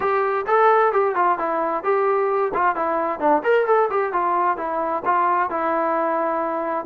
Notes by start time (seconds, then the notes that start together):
0.00 G4
0.46 A4
0.92 G4
1.15 F4
1.38 E4
1.83 G4
2.54 F4
2.75 E4
3.19 D4
3.43 A#4
3.66 A4
3.90 G4
4.12 F4
4.57 E4
5.05 F4
5.50 E4